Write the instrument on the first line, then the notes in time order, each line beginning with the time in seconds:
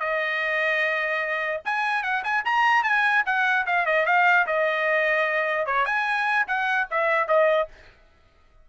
trumpet
0.00 D#5
1.65 G#5
2.03 F#5
2.24 G#5
2.45 A#5
2.84 G#5
3.26 F#5
3.66 F5
3.86 D#5
4.06 F5
4.47 D#5
5.67 C#5
5.86 G#5
6.47 F#5
6.91 E5
7.28 D#5